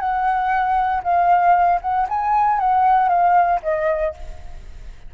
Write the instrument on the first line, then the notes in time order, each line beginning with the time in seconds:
flute
0.00 F#5
1.04 F5
1.82 F#5
2.09 G#5
2.60 F#5
3.09 F5
3.63 D#5